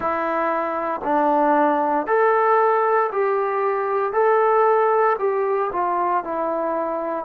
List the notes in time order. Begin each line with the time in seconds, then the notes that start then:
0.00 E4
1.03 D4
2.06 A4
3.12 G4
4.12 A4
5.19 G4
5.72 F4
6.24 E4